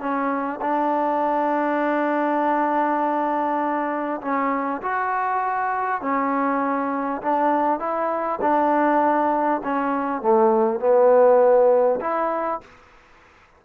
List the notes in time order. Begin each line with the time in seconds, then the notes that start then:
0.00 C#4
0.61 D4
4.22 C#4
4.82 F#4
6.02 C#4
7.22 D4
7.80 E4
8.42 D4
9.64 C#4
10.22 A3
10.80 B3
12.01 E4